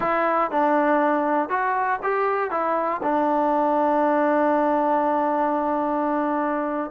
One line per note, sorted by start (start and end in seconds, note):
0.00 0.50 E4
0.50 1.49 D4
1.49 1.99 F#4
2.02 2.50 G4
2.50 3.01 E4
3.03 6.90 D4